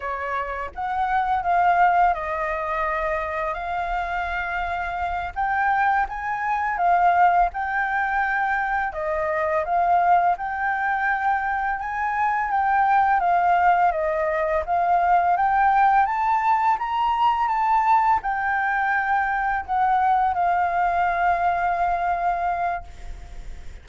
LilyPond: \new Staff \with { instrumentName = "flute" } { \time 4/4 \tempo 4 = 84 cis''4 fis''4 f''4 dis''4~ | dis''4 f''2~ f''8 g''8~ | g''8 gis''4 f''4 g''4.~ | g''8 dis''4 f''4 g''4.~ |
g''8 gis''4 g''4 f''4 dis''8~ | dis''8 f''4 g''4 a''4 ais''8~ | ais''8 a''4 g''2 fis''8~ | fis''8 f''2.~ f''8 | }